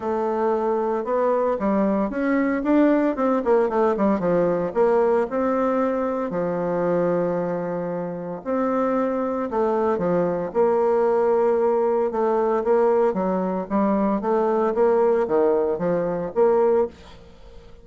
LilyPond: \new Staff \with { instrumentName = "bassoon" } { \time 4/4 \tempo 4 = 114 a2 b4 g4 | cis'4 d'4 c'8 ais8 a8 g8 | f4 ais4 c'2 | f1 |
c'2 a4 f4 | ais2. a4 | ais4 fis4 g4 a4 | ais4 dis4 f4 ais4 | }